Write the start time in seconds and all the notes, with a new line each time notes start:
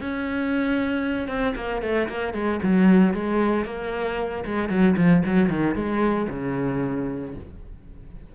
0.00 C#4
1.28 C4
1.55 A#3
1.82 A3
2.08 A#3
2.33 G#3
2.62 F#3
3.13 G#3
3.65 A#3
4.44 G#3
4.69 F#3
4.96 F3
5.25 F#3
5.49 D#3
5.75 G#3
6.29 C#3